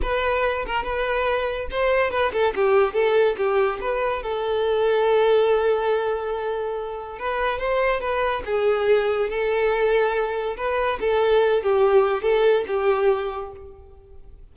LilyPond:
\new Staff \with { instrumentName = "violin" } { \time 4/4 \tempo 4 = 142 b'4. ais'8 b'2 | c''4 b'8 a'8 g'4 a'4 | g'4 b'4 a'2~ | a'1~ |
a'4 b'4 c''4 b'4 | gis'2 a'2~ | a'4 b'4 a'4. g'8~ | g'4 a'4 g'2 | }